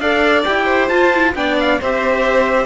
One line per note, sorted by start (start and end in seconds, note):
0.00 0.45 D4
0.00 0.46 A4
0.00 0.65 D5
0.00 0.45 F5
0.45 0.90 E4
0.45 0.90 G4
0.45 0.89 G5
0.65 1.32 C5
0.89 1.35 F4
0.89 1.13 F4
0.89 1.34 A5
1.14 1.35 E4
1.35 1.80 B3
1.35 1.80 D4
1.35 1.80 D5
1.35 1.58 G5
1.60 1.82 F5
1.80 2.66 C4
1.80 2.66 G4
1.80 2.66 C5
1.80 2.66 E5